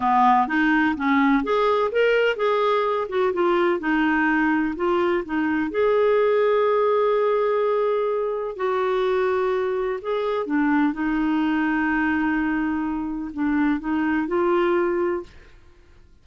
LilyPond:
\new Staff \with { instrumentName = "clarinet" } { \time 4/4 \tempo 4 = 126 b4 dis'4 cis'4 gis'4 | ais'4 gis'4. fis'8 f'4 | dis'2 f'4 dis'4 | gis'1~ |
gis'2 fis'2~ | fis'4 gis'4 d'4 dis'4~ | dis'1 | d'4 dis'4 f'2 | }